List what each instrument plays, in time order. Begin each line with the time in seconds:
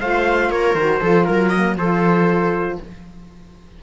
0.00 cello A3, saxophone F4, viola C5, trumpet F5
0.49 cello A#3, viola A#4, trumpet C#5
0.74 cello D#3, saxophone F#4, trumpet C5
1.00 cello F3, saxophone F4, viola A4
1.24 cello F#3, trumpet A#4, viola A#4
1.49 saxophone A#3, viola D#5
1.76 cello F3, saxophone F4, viola A4, trumpet C5